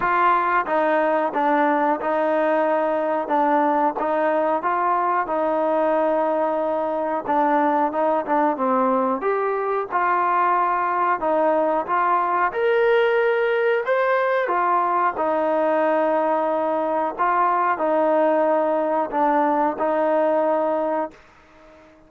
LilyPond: \new Staff \with { instrumentName = "trombone" } { \time 4/4 \tempo 4 = 91 f'4 dis'4 d'4 dis'4~ | dis'4 d'4 dis'4 f'4 | dis'2. d'4 | dis'8 d'8 c'4 g'4 f'4~ |
f'4 dis'4 f'4 ais'4~ | ais'4 c''4 f'4 dis'4~ | dis'2 f'4 dis'4~ | dis'4 d'4 dis'2 | }